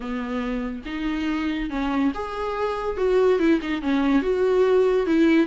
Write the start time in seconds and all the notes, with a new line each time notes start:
0.00 B3
0.85 D#4
1.70 C#4
2.14 G#4
2.97 F#4
3.39 E4
3.61 D#4
3.81 C#4
4.22 F#4
5.06 E4